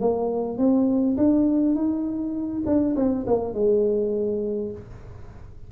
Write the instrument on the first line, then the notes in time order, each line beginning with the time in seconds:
tuba
0.00 A#3
0.57 C4
1.17 D4
1.75 D#4
2.66 D4
2.95 C4
3.26 A#3
3.54 G#3